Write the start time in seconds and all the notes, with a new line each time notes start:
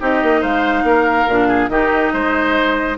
0.00 C4 D#4 G4 D#5
0.23 A#3
0.41 G#3 C5 F5
0.83 A#3 A#4
1.28 A#2 D4
1.48 G#4
1.69 D#3 D#4 G4 D#5
2.13 G#3 C5